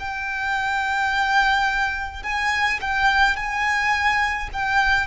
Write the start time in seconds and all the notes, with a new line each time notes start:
0.00 G5
2.24 G#5
2.81 G5
3.37 G#5
4.53 G5